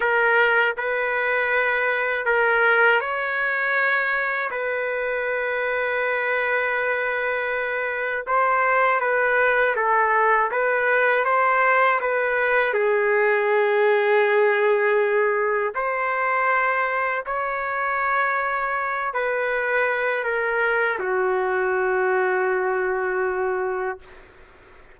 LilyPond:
\new Staff \with { instrumentName = "trumpet" } { \time 4/4 \tempo 4 = 80 ais'4 b'2 ais'4 | cis''2 b'2~ | b'2. c''4 | b'4 a'4 b'4 c''4 |
b'4 gis'2.~ | gis'4 c''2 cis''4~ | cis''4. b'4. ais'4 | fis'1 | }